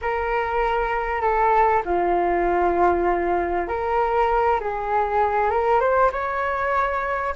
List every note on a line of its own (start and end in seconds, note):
0.01 1.21 A#4
1.21 1.82 A4
1.85 3.68 F4
3.68 4.59 A#4
4.60 5.50 G#4
5.50 5.80 A#4
5.80 6.11 C5
6.12 7.34 C#5